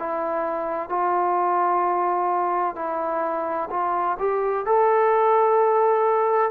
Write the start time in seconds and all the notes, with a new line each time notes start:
0.00 E4
0.89 F4
2.76 E4
3.71 F4
4.19 G4
4.66 A4